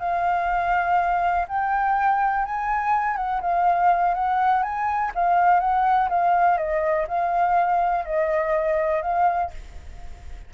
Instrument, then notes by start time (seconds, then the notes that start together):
flute
0.00 F5
1.48 G5
2.45 G#5
3.17 F#5
3.41 F5
4.15 F#5
4.63 G#5
5.15 F5
5.60 F#5
6.09 F5
6.58 D#5
7.08 F5
8.05 D#5
9.02 F5